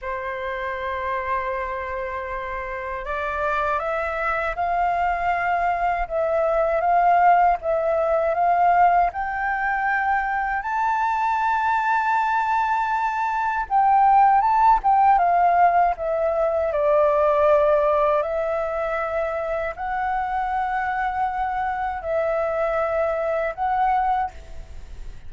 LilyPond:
\new Staff \with { instrumentName = "flute" } { \time 4/4 \tempo 4 = 79 c''1 | d''4 e''4 f''2 | e''4 f''4 e''4 f''4 | g''2 a''2~ |
a''2 g''4 a''8 g''8 | f''4 e''4 d''2 | e''2 fis''2~ | fis''4 e''2 fis''4 | }